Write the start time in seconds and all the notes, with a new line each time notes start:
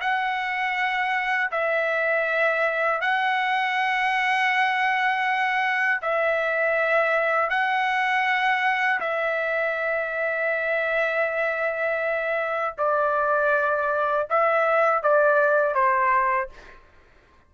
0.00 F#5
1.51 E5
3.01 F#5
6.01 E5
7.49 F#5
9.00 E5
12.77 D5
14.30 E5
15.02 D5
15.74 C5